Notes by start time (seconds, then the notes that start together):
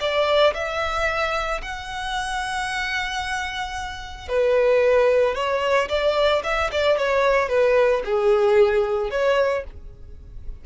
0.00 D5
0.54 E5
1.62 F#5
4.28 B4
5.34 C#5
5.89 D5
6.43 E5
6.71 D5
6.98 C#5
7.49 B4
8.05 G#4
9.10 C#5